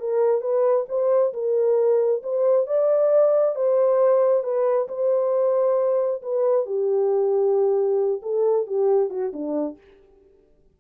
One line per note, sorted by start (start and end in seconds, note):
0.00 0.42 A#4
0.42 0.86 B4
0.89 1.34 C5
1.34 2.23 A#4
2.23 2.67 C5
2.67 3.56 D5
3.56 4.44 C5
4.44 4.88 B4
4.89 6.22 C5
6.23 6.66 B4
6.66 8.22 G4
8.23 8.67 A4
8.67 9.10 G4
9.10 9.32 F#4
9.33 9.78 D4